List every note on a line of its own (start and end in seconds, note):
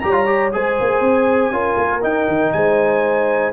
0.00 0.54 G3
0.00 0.13 G4
0.00 0.55 C#5
0.00 0.50 A#5
0.13 0.25 F4
0.26 0.51 G4
0.52 0.80 G#3
0.52 1.52 G#4
0.52 1.53 C5
0.52 2.04 G#5
0.80 1.01 A#3
1.01 1.51 C4
1.51 1.76 C#4
1.51 2.02 F4
1.51 2.54 A#4
1.78 2.03 A#3
2.02 3.53 D#4
2.02 2.28 D#4
2.02 2.53 G5
2.28 2.53 D#3
2.53 3.53 G#3
2.53 3.53 C5
2.53 3.53 G#5